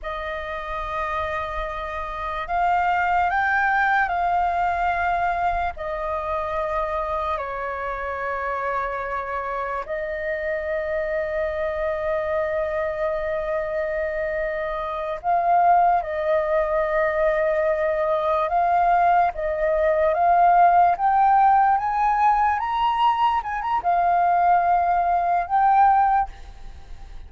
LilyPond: \new Staff \with { instrumentName = "flute" } { \time 4/4 \tempo 4 = 73 dis''2. f''4 | g''4 f''2 dis''4~ | dis''4 cis''2. | dis''1~ |
dis''2~ dis''8 f''4 dis''8~ | dis''2~ dis''8 f''4 dis''8~ | dis''8 f''4 g''4 gis''4 ais''8~ | ais''8 gis''16 ais''16 f''2 g''4 | }